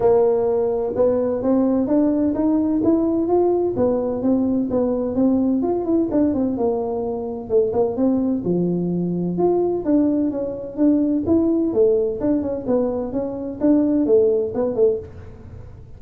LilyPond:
\new Staff \with { instrumentName = "tuba" } { \time 4/4 \tempo 4 = 128 ais2 b4 c'4 | d'4 dis'4 e'4 f'4 | b4 c'4 b4 c'4 | f'8 e'8 d'8 c'8 ais2 |
a8 ais8 c'4 f2 | f'4 d'4 cis'4 d'4 | e'4 a4 d'8 cis'8 b4 | cis'4 d'4 a4 b8 a8 | }